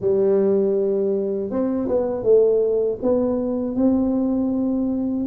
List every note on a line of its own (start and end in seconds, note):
0.00 1.50 G3
1.50 1.88 C4
1.88 2.23 B3
2.23 2.98 A3
3.02 3.75 B3
3.75 5.25 C4